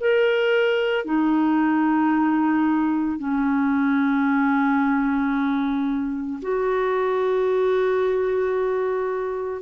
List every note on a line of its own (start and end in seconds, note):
0.00 1.05 A#4
1.05 3.19 D#4
3.19 6.40 C#4
6.42 9.62 F#4